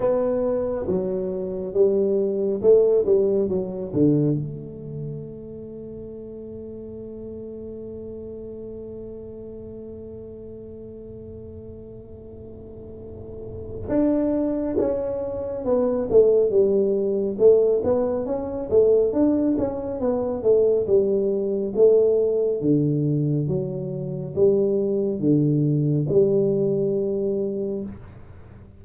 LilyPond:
\new Staff \with { instrumentName = "tuba" } { \time 4/4 \tempo 4 = 69 b4 fis4 g4 a8 g8 | fis8 d8 a2.~ | a1~ | a1 |
d'4 cis'4 b8 a8 g4 | a8 b8 cis'8 a8 d'8 cis'8 b8 a8 | g4 a4 d4 fis4 | g4 d4 g2 | }